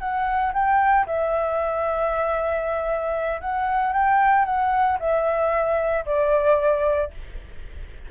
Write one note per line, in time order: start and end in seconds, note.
0.00 0.53 F#5
0.54 1.06 G5
1.07 3.41 E5
3.41 3.93 F#5
3.93 4.45 G5
4.45 4.98 F#5
5.00 6.05 E5
6.06 7.11 D5